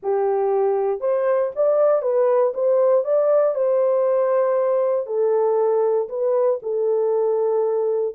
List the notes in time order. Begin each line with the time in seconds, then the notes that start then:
0.02 G4
1.00 C5
1.55 D5
2.02 B4
2.54 C5
3.04 D5
3.54 C5
5.06 A4
6.08 B4
6.62 A4